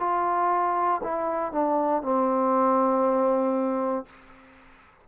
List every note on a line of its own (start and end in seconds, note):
0.00 1.02 F4
1.04 1.53 E4
1.53 2.02 D4
2.02 4.06 C4